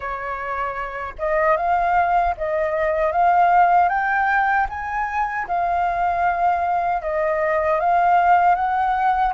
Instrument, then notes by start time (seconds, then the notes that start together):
flute
0.00 C#5
1.18 D#5
1.57 F5
2.37 D#5
3.12 F5
3.88 G5
4.69 G#5
5.47 F5
7.02 D#5
7.80 F5
8.55 F#5